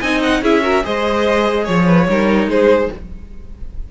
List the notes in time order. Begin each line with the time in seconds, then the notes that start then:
0.00 C4 D#4 D#5 G#5
0.22 F#5
0.42 C#4 E4 G#4 E5
0.61 F#4 A#4
0.83 G#3 G#4 C5 D#5
1.64 F3 C#5
1.86 B4
2.08 G3 D#4 A#4
2.47 G#3 G#4 C5